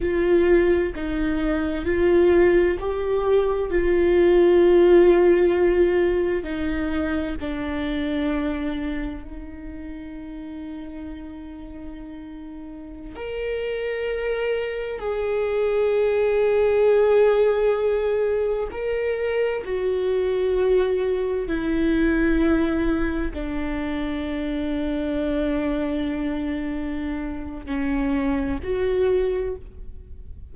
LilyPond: \new Staff \with { instrumentName = "viola" } { \time 4/4 \tempo 4 = 65 f'4 dis'4 f'4 g'4 | f'2. dis'4 | d'2 dis'2~ | dis'2~ dis'16 ais'4.~ ais'16~ |
ais'16 gis'2.~ gis'8.~ | gis'16 ais'4 fis'2 e'8.~ | e'4~ e'16 d'2~ d'8.~ | d'2 cis'4 fis'4 | }